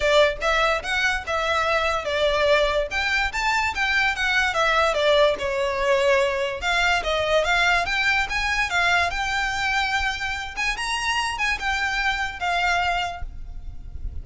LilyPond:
\new Staff \with { instrumentName = "violin" } { \time 4/4 \tempo 4 = 145 d''4 e''4 fis''4 e''4~ | e''4 d''2 g''4 | a''4 g''4 fis''4 e''4 | d''4 cis''2. |
f''4 dis''4 f''4 g''4 | gis''4 f''4 g''2~ | g''4. gis''8 ais''4. gis''8 | g''2 f''2 | }